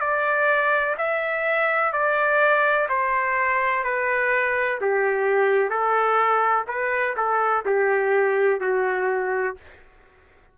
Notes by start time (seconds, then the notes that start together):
0.00 D5
0.98 E5
1.93 D5
2.89 C5
3.84 B4
4.81 G4
5.70 A4
6.67 B4
7.17 A4
7.65 G4
8.61 F#4